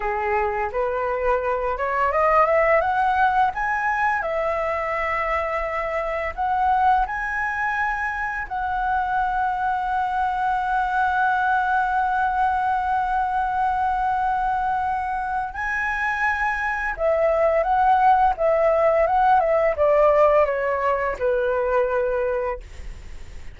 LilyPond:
\new Staff \with { instrumentName = "flute" } { \time 4/4 \tempo 4 = 85 gis'4 b'4. cis''8 dis''8 e''8 | fis''4 gis''4 e''2~ | e''4 fis''4 gis''2 | fis''1~ |
fis''1~ | fis''2 gis''2 | e''4 fis''4 e''4 fis''8 e''8 | d''4 cis''4 b'2 | }